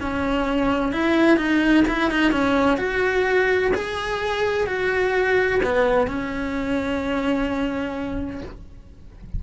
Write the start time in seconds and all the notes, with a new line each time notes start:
0.00 C#4
0.92 E4
1.37 D#4
1.87 E4
2.10 D#4
2.31 C#4
2.77 F#4
3.74 G#4
4.66 F#4
5.63 B3
6.07 C#4